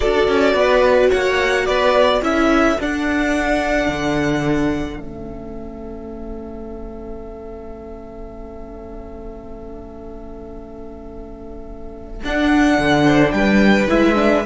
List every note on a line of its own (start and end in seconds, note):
0.00 0.28 D4
0.00 2.21 F#4
0.00 0.56 A4
0.00 1.10 D5
0.28 0.53 C#4
0.53 1.09 B3
0.53 1.09 B4
1.09 1.68 A#3
1.09 1.64 C#5
1.09 1.66 F#5
1.66 2.21 B3
1.66 2.20 B4
1.66 2.21 D5
2.20 2.77 C#4
2.20 2.77 E4
2.20 13.04 A4
2.20 2.79 E5
2.79 4.96 D4
2.79 3.88 D4
2.79 5.00 F#5
3.88 4.99 D3
4.96 12.21 A3
4.96 12.19 C#4
4.96 12.22 E5
12.24 12.78 D4
12.24 13.88 D4
12.24 13.31 F#5
12.78 13.32 D3
13.04 13.32 C5
13.31 13.87 G3
13.31 14.45 B4
13.31 13.87 G5
13.88 14.45 G#3
13.88 14.15 E4
13.88 14.45 E5
14.15 14.42 D4